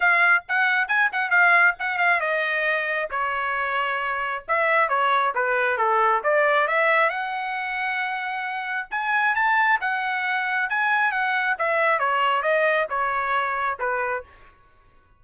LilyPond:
\new Staff \with { instrumentName = "trumpet" } { \time 4/4 \tempo 4 = 135 f''4 fis''4 gis''8 fis''8 f''4 | fis''8 f''8 dis''2 cis''4~ | cis''2 e''4 cis''4 | b'4 a'4 d''4 e''4 |
fis''1 | gis''4 a''4 fis''2 | gis''4 fis''4 e''4 cis''4 | dis''4 cis''2 b'4 | }